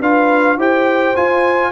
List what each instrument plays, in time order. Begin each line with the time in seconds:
0.00 tuba D4, trombone F4, horn B4, trumpet F5
0.57 tuba E4, trombone G4, horn C5, trumpet G5
1.15 trombone F4, tuba F4, trumpet G#5